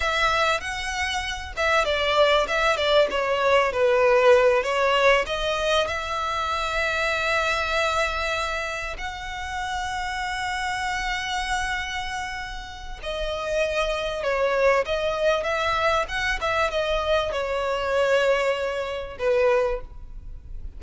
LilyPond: \new Staff \with { instrumentName = "violin" } { \time 4/4 \tempo 4 = 97 e''4 fis''4. e''8 d''4 | e''8 d''8 cis''4 b'4. cis''8~ | cis''8 dis''4 e''2~ e''8~ | e''2~ e''8 fis''4.~ |
fis''1~ | fis''4 dis''2 cis''4 | dis''4 e''4 fis''8 e''8 dis''4 | cis''2. b'4 | }